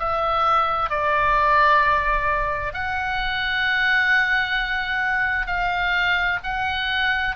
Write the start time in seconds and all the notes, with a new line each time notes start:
0.00 E5
0.90 D5
2.74 F#5
5.47 F5
6.44 F#5